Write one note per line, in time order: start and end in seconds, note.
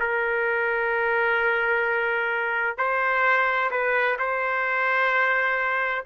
0.00 2.78 A#4
2.78 3.71 C5
3.71 4.18 B4
4.19 6.05 C5